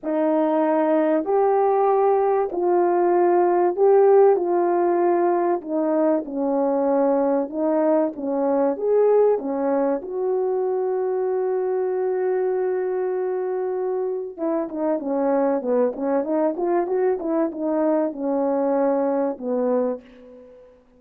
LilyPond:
\new Staff \with { instrumentName = "horn" } { \time 4/4 \tempo 4 = 96 dis'2 g'2 | f'2 g'4 f'4~ | f'4 dis'4 cis'2 | dis'4 cis'4 gis'4 cis'4 |
fis'1~ | fis'2. e'8 dis'8 | cis'4 b8 cis'8 dis'8 f'8 fis'8 e'8 | dis'4 cis'2 b4 | }